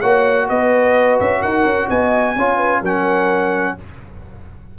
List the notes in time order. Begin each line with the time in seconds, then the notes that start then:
0.00 A#3 F#4 C#5 F#5
0.49 B3 B4 D#5
1.20 C#4 E5
1.41 D#4 A#4 F#5
1.64 C#4
1.88 B3 D#5 G#5
2.36 C#4 F4 C#5
2.57 B4
2.81 F#3 C#4 A#4 F#5